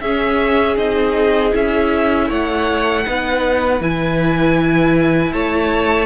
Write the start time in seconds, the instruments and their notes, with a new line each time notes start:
0.00 cello C#4, viola C#4, violin G#4 E5
0.76 cello C4, viola D#4, violin D#5
1.52 cello C#4, viola E4, violin E5
2.27 cello A3, violin C#5 F#5
3.06 cello B3, viola D#4, violin B4
3.80 cello E3, viola E4, violin G#5
5.33 cello A3, violin C#5 A5